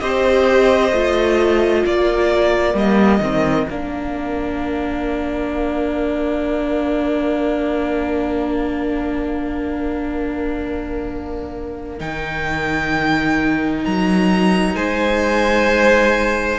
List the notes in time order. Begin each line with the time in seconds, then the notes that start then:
0.00 C4 G4 C5 D#5
0.92 A3 F4
1.85 A#3 A#4 D5
2.74 G3 A#3 D#5
3.21 D#3 C4
3.69 A#3 D4 F5
11.99 D#3 D#4 G5
13.85 F#3 A#5
14.75 G#3 C5 G#5